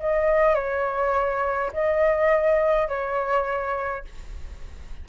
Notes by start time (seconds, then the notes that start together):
0.00 D#5
0.55 C#5
1.73 D#5
2.88 C#5